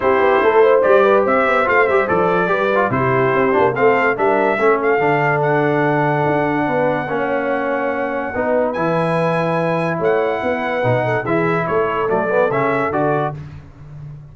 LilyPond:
<<
  \new Staff \with { instrumentName = "trumpet" } { \time 4/4 \tempo 4 = 144 c''2 d''4 e''4 | f''8 e''8 d''2 c''4~ | c''4 f''4 e''4. f''8~ | f''4 fis''2.~ |
fis''1~ | fis''4 gis''2. | fis''2. e''4 | cis''4 d''4 e''4 d''4 | }
  \new Staff \with { instrumentName = "horn" } { \time 4/4 g'4 a'8 c''4 b'8 c''4~ | c''2 b'4 g'4~ | g'4 a'4 ais'4 a'4~ | a'1 |
b'4 cis''2. | b'1 | cis''4 b'4. a'8 gis'4 | a'1 | }
  \new Staff \with { instrumentName = "trombone" } { \time 4/4 e'2 g'2 | f'8 g'8 a'4 g'8 f'8 e'4~ | e'8 d'8 c'4 d'4 cis'4 | d'1~ |
d'4 cis'2. | dis'4 e'2.~ | e'2 dis'4 e'4~ | e'4 a8 b8 cis'4 fis'4 | }
  \new Staff \with { instrumentName = "tuba" } { \time 4/4 c'8 b8 a4 g4 c'8 b8 | a8 g8 f4 g4 c4 | c'8 ais8 a4 g4 a4 | d2. d'4 |
b4 ais2. | b4 e2. | a4 b4 b,4 e4 | a4 fis4 cis4 d4 | }
>>